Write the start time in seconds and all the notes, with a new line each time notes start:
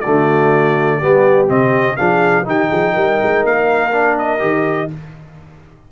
0.00 D3 A3 F#4 D5
0.98 G3 B3 G4
1.48 C3 C4 D#5
1.96 F3 D4 G#4 F5
2.45 D#3 D#4 G4 G5
2.69 F3 G#4
2.93 G3 A#4
3.22 G#3
3.44 A#3 F5
3.91 D4
4.18 D#5
4.39 D#3 G4